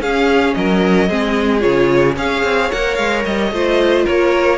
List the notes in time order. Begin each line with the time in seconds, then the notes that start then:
0.00 C#4 G#4 F5
0.55 F#3 A#4 D#5
1.09 G#3 C4 G#4
1.60 C#3 F4 C#5
2.17 C#4 G#4 C#5 F5
2.44 C4
2.72 A#3 A#4 F#5
2.95 G#3 F5
3.25 G3 D#5
3.51 A3 F4 C5
4.05 A#3 A#4 C#5